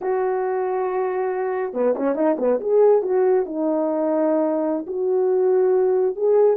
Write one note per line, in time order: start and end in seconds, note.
0.01 1.73 F#4
1.73 1.95 B3
1.96 2.15 C#4
2.15 2.36 D#4
2.38 2.59 B3
2.60 3.02 G#4
3.02 3.45 F#4
3.45 4.85 D#4
4.86 6.15 F#4
6.15 6.56 G#4